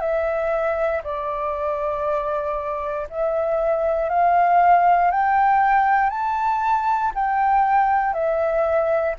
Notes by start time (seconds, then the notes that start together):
0.00 E5
1.04 D5
3.10 E5
4.10 F5
5.11 G5
6.10 A5
7.15 G5
8.14 E5